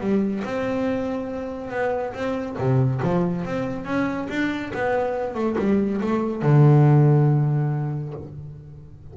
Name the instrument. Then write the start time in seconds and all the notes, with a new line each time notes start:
double bass
0.00 G3
0.44 C4
1.71 B3
2.14 C4
2.58 C3
3.03 F3
3.45 C4
3.85 C#4
4.29 D4
4.74 B3
5.35 A3
5.58 G3
6.01 A3
6.42 D3